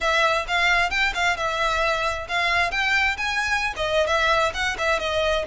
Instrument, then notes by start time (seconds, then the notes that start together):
violin
0.00 E5
0.47 F5
0.90 G5
1.14 F5
1.36 E5
2.28 F5
2.71 G5
3.17 G#5
3.76 D#5
4.07 E5
4.54 F#5
4.77 E5
4.99 D#5